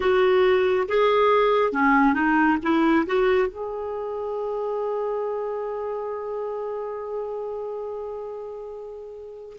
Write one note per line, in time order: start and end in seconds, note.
0.00 0.87 F#4
0.88 1.72 G#4
1.72 2.14 C#4
2.14 2.57 D#4
2.62 3.06 E4
3.06 3.48 F#4
3.48 9.57 G#4